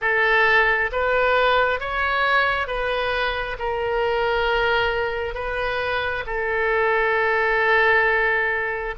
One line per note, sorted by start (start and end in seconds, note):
0.01 0.90 A4
0.92 1.80 B4
1.80 2.67 C#5
2.67 3.56 B4
3.59 5.34 A#4
5.34 6.24 B4
6.26 8.95 A4